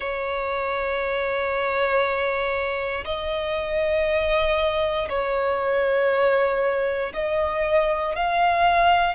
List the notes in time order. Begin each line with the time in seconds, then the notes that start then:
0.00 C#5
3.05 D#5
5.09 C#5
7.13 D#5
8.15 F5